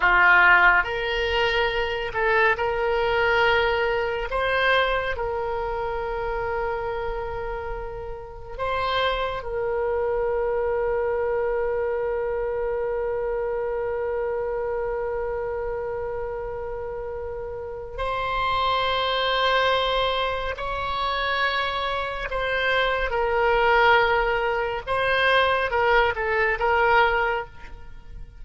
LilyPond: \new Staff \with { instrumentName = "oboe" } { \time 4/4 \tempo 4 = 70 f'4 ais'4. a'8 ais'4~ | ais'4 c''4 ais'2~ | ais'2 c''4 ais'4~ | ais'1~ |
ais'1~ | ais'4 c''2. | cis''2 c''4 ais'4~ | ais'4 c''4 ais'8 a'8 ais'4 | }